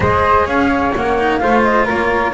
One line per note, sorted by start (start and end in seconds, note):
0.00 0.46 G#3
0.00 0.91 G#4
0.00 0.45 C5
0.00 0.47 D#5
0.45 0.93 C#4
0.45 1.39 C#5
0.45 0.94 F5
0.95 1.42 A#3
0.95 1.18 C#4
0.95 1.38 F#5
1.18 1.39 D#4
1.38 1.89 A3
1.38 2.33 F4
1.38 1.85 C5
1.38 1.62 F5
1.62 1.86 D#5
1.85 2.33 A#3
1.85 2.32 A#4
1.85 2.33 C#5